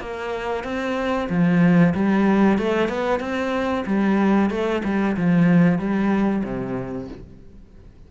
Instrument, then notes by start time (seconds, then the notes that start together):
cello
0.00 A#3
0.64 C4
1.29 F3
1.94 G3
2.58 A3
2.88 B3
3.19 C4
3.86 G3
4.50 A3
4.84 G3
5.16 F3
5.78 G3
6.44 C3